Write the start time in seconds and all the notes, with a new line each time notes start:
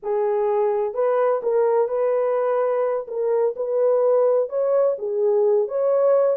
0.02 G#4
0.93 B4
1.42 A#4
1.88 B4
3.07 A#4
3.56 B4
4.49 C#5
4.98 G#4
5.68 C#5